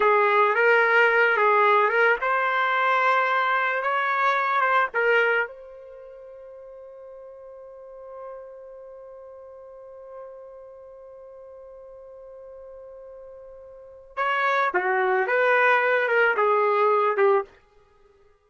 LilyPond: \new Staff \with { instrumentName = "trumpet" } { \time 4/4 \tempo 4 = 110 gis'4 ais'4. gis'4 ais'8 | c''2. cis''4~ | cis''8 c''8 ais'4 c''2~ | c''1~ |
c''1~ | c''1~ | c''2 cis''4 fis'4 | b'4. ais'8 gis'4. g'8 | }